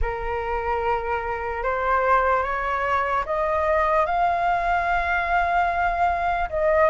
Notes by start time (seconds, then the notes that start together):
0.01 A#4
1.63 C5
2.43 C#5
3.25 D#5
4.05 F5
6.49 D#5